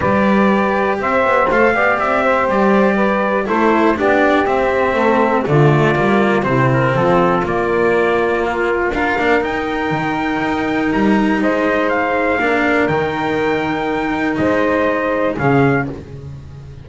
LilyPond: <<
  \new Staff \with { instrumentName = "trumpet" } { \time 4/4 \tempo 4 = 121 d''2 e''4 f''4 | e''4 d''2 c''4 | d''4 e''2 d''4~ | d''4 c''8 ais'8 a'4 d''4~ |
d''4 f'4 f''4 g''4~ | g''2 ais''4 dis''4 | f''2 g''2~ | g''4 dis''2 f''4 | }
  \new Staff \with { instrumentName = "saxophone" } { \time 4/4 b'2 c''4. d''8~ | d''8 c''4. b'4 a'4 | g'2 a'4 f'4~ | f'4 e'4 f'2~ |
f'2 ais'2~ | ais'2. c''4~ | c''4 ais'2.~ | ais'4 c''2 gis'4 | }
  \new Staff \with { instrumentName = "cello" } { \time 4/4 g'2. a'8 g'8~ | g'2. e'4 | d'4 c'2 a4 | ais4 c'2 ais4~ |
ais2 f'8 d'8 dis'4~ | dis'1~ | dis'4 d'4 dis'2~ | dis'2. cis'4 | }
  \new Staff \with { instrumentName = "double bass" } { \time 4/4 g2 c'8 b8 a8 b8 | c'4 g2 a4 | b4 c'4 a4 d4 | g4 c4 f4 ais4~ |
ais2 d'8 ais8 dis'4 | dis4 dis'4 g4 gis4~ | gis4 ais4 dis2~ | dis4 gis2 cis4 | }
>>